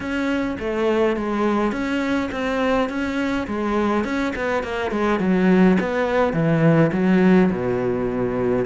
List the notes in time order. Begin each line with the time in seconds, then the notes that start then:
0.00 C#4
0.59 A3
1.16 G#3
1.72 C#4
2.31 C4
2.89 C#4
3.47 G#3
4.04 C#4
4.35 B3
4.63 A#3
4.91 G#3
5.19 F#3
5.80 B3
6.33 E3
6.92 F#3
7.51 B2